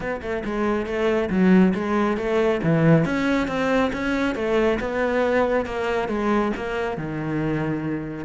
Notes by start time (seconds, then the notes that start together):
0.00 B3
0.21 A3
0.44 G#3
0.86 A3
1.29 F#3
1.74 G#3
2.17 A3
2.63 E3
3.05 C#4
3.47 C4
3.92 C#4
4.35 A3
4.79 B3
5.65 A#3
6.08 G#3
6.56 A#3
6.97 D#3